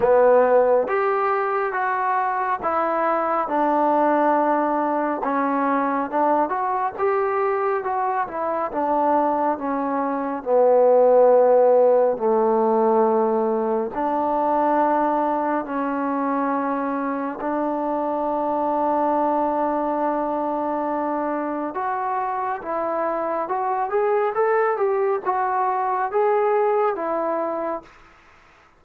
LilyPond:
\new Staff \with { instrumentName = "trombone" } { \time 4/4 \tempo 4 = 69 b4 g'4 fis'4 e'4 | d'2 cis'4 d'8 fis'8 | g'4 fis'8 e'8 d'4 cis'4 | b2 a2 |
d'2 cis'2 | d'1~ | d'4 fis'4 e'4 fis'8 gis'8 | a'8 g'8 fis'4 gis'4 e'4 | }